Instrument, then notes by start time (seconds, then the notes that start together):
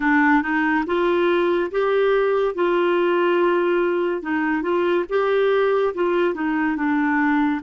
clarinet
0.00 D4
0.42 D#4
0.86 F4
1.71 G4
2.54 F4
4.22 D#4
4.62 F4
5.09 G4
5.94 F4
6.34 D#4
6.76 D4